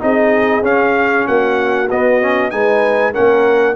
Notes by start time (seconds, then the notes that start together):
0.00 C4 D#4 G#4 D#5
0.62 C#4 F5
1.27 A#3 F#4 F#5
1.90 B3 D#5
2.21 C#4
2.51 G#3 D#4 B4 G#5
3.12 A#3 C#4 A#4 F#5